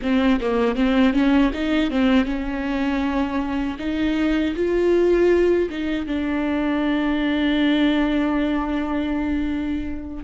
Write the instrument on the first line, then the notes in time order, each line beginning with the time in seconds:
viola
0.02 C4
0.40 A#3
0.75 C4
1.13 C#4
1.53 D#4
1.90 C4
2.25 C#4
3.78 D#4
4.55 F4
5.70 D#4
6.06 D4